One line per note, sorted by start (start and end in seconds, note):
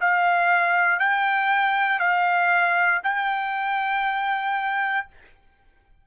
0.00 0.99 F5
0.99 1.99 G5
1.99 3.01 F5
3.03 5.07 G5